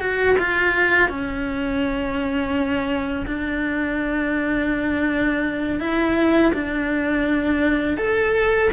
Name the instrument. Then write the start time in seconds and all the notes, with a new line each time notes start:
cello
0.00 F#4
0.38 F4
1.09 C#4
3.27 D4
5.80 E4
6.54 D4
7.97 A4